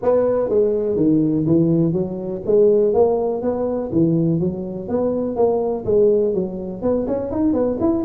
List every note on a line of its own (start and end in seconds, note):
0.02 0.49 B3
0.49 0.96 G#3
0.96 1.45 D#3
1.46 1.93 E3
1.93 2.41 F#3
2.45 2.93 G#3
2.93 3.42 A#3
3.42 3.90 B3
3.92 4.40 E3
4.40 4.88 F#3
4.88 5.36 B3
5.36 5.84 A#3
5.85 6.33 G#3
6.33 6.82 F#3
6.82 7.06 B3
7.07 7.31 C#4
7.31 7.53 D#4
7.53 7.77 B3
7.80 8.04 E4